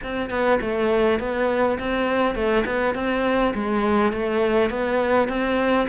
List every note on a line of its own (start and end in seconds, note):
0.03 0.30 C4
0.30 0.59 B3
0.60 1.19 A3
1.19 1.78 B3
1.79 2.35 C4
2.35 2.64 A3
2.65 2.94 B3
2.94 3.53 C4
3.54 4.12 G#3
4.12 4.70 A3
4.70 5.28 B3
5.28 5.87 C4